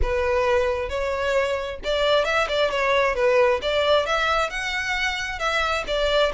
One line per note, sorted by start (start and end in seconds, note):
0.02 0.89 B4
0.89 1.79 C#5
1.84 2.25 D5
2.25 2.47 E5
2.48 2.70 D5
2.71 3.15 C#5
3.15 3.60 B4
3.62 4.06 D5
4.06 4.49 E5
4.49 5.39 F#5
5.39 5.84 E5
5.87 6.32 D5